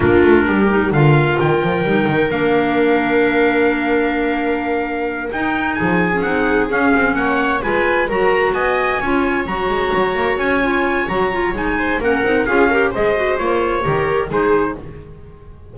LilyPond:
<<
  \new Staff \with { instrumentName = "trumpet" } { \time 4/4 \tempo 4 = 130 ais'2 f''4 g''4~ | g''4 f''2.~ | f''2.~ f''8 g''8~ | g''8 gis''4 fis''4 f''4 fis''8~ |
fis''8 gis''4 ais''4 gis''4.~ | gis''8 ais''2 gis''4. | ais''4 gis''4 fis''4 f''4 | dis''4 cis''2 c''4 | }
  \new Staff \with { instrumentName = "viola" } { \time 4/4 f'4 g'4 ais'2~ | ais'1~ | ais'1~ | ais'8 gis'2. cis''8~ |
cis''8 b'4 ais'4 dis''4 cis''8~ | cis''1~ | cis''4. c''8 ais'4 gis'8 ais'8 | c''2 ais'4 gis'4 | }
  \new Staff \with { instrumentName = "clarinet" } { \time 4/4 d'4. dis'8 f'2 | dis'4 d'2.~ | d'2.~ d'8 dis'8~ | dis'4~ dis'16 cis'16 dis'4 cis'4.~ |
cis'8 f'4 fis'2 f'8~ | f'8 fis'2~ fis'8 f'4 | fis'8 f'8 dis'4 cis'8 dis'8 f'8 g'8 | gis'8 fis'8 f'4 g'4 dis'4 | }
  \new Staff \with { instrumentName = "double bass" } { \time 4/4 ais8 a8 g4 d4 dis8 f8 | g8 dis8 ais2.~ | ais2.~ ais8 dis'8~ | dis'8 f4 c'4 cis'8 c'8 ais8~ |
ais8 gis4 fis4 b4 cis'8~ | cis'8 fis8 gis8 fis8 ais8 cis'4. | fis4 gis4 ais8 c'8 cis'4 | gis4 ais4 dis4 gis4 | }
>>